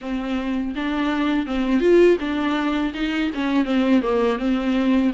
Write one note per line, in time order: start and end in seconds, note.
0.01 0.74 C4
0.75 1.46 D4
1.46 1.80 C4
1.80 2.17 F4
2.20 2.93 D4
2.94 3.30 D#4
3.34 3.65 C#4
3.65 4.01 C4
4.02 4.38 A#3
4.39 5.12 C4